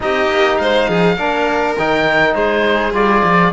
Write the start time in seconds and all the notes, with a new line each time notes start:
0.00 C4 D#4 G4 D#5
0.28 A#3
0.56 G#3 C5 F5
0.88 F3 G#4
1.15 A#3 D4 A#4
1.78 D#3 D#4 G5
2.34 G#3 G#4 C5
2.92 G3 F4 D5
3.23 F3